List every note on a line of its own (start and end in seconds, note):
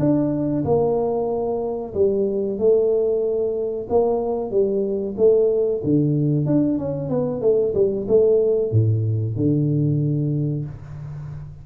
0.00 0.65 D4
0.65 1.94 A#3
1.94 2.59 G3
2.59 3.88 A3
3.90 4.51 A#3
4.51 5.16 G3
5.18 5.82 A3
5.84 6.46 D3
6.46 6.79 D4
6.79 7.10 C#4
7.10 7.42 B3
7.42 7.74 A3
7.75 8.07 G3
8.09 8.72 A3
8.72 9.36 A2
9.36 10.65 D3